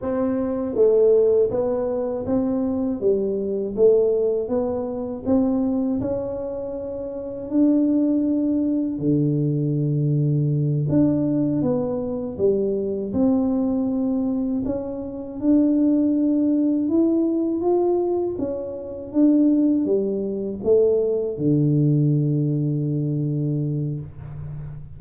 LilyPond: \new Staff \with { instrumentName = "tuba" } { \time 4/4 \tempo 4 = 80 c'4 a4 b4 c'4 | g4 a4 b4 c'4 | cis'2 d'2 | d2~ d8 d'4 b8~ |
b8 g4 c'2 cis'8~ | cis'8 d'2 e'4 f'8~ | f'8 cis'4 d'4 g4 a8~ | a8 d2.~ d8 | }